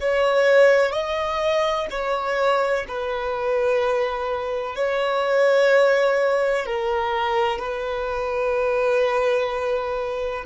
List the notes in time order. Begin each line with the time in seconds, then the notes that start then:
0.00 C#5
0.92 D#5
1.90 C#5
2.88 B4
4.75 C#5
6.66 A#4
7.58 B4